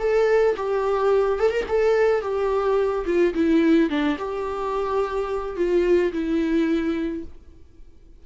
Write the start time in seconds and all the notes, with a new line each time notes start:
0.00 A4
0.57 G4
1.40 A4
1.51 A#4
1.68 A4
2.22 G4
3.06 F4
3.34 E4
3.90 D4
4.18 G4
5.57 F4
6.13 E4